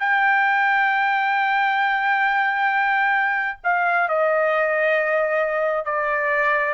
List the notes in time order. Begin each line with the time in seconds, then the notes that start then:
0.00 G5
3.64 F5
4.09 D#5
5.85 D5